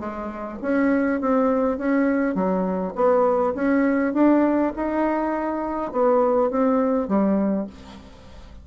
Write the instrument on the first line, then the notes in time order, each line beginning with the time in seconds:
bassoon
0.00 G#3
0.63 C#4
1.21 C4
1.79 C#4
2.35 F#3
2.95 B3
3.55 C#4
4.14 D4
4.76 D#4
5.92 B3
6.51 C4
7.08 G3